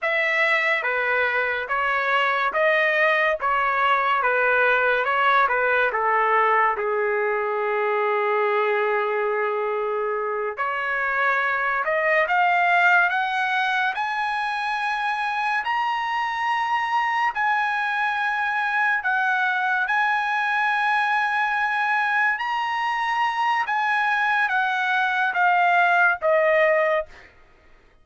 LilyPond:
\new Staff \with { instrumentName = "trumpet" } { \time 4/4 \tempo 4 = 71 e''4 b'4 cis''4 dis''4 | cis''4 b'4 cis''8 b'8 a'4 | gis'1~ | gis'8 cis''4. dis''8 f''4 fis''8~ |
fis''8 gis''2 ais''4.~ | ais''8 gis''2 fis''4 gis''8~ | gis''2~ gis''8 ais''4. | gis''4 fis''4 f''4 dis''4 | }